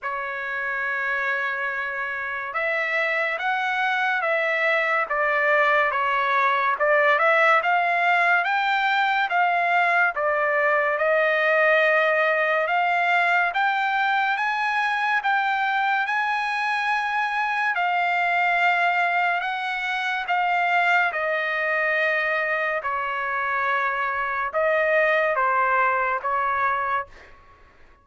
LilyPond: \new Staff \with { instrumentName = "trumpet" } { \time 4/4 \tempo 4 = 71 cis''2. e''4 | fis''4 e''4 d''4 cis''4 | d''8 e''8 f''4 g''4 f''4 | d''4 dis''2 f''4 |
g''4 gis''4 g''4 gis''4~ | gis''4 f''2 fis''4 | f''4 dis''2 cis''4~ | cis''4 dis''4 c''4 cis''4 | }